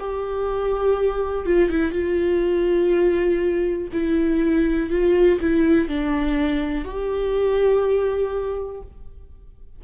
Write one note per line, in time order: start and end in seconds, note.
0.00 1.46 G4
1.46 1.70 F4
1.70 1.92 E4
1.92 3.89 F4
3.93 4.91 E4
4.91 5.40 F4
5.41 5.88 E4
5.88 6.85 D4
6.85 8.82 G4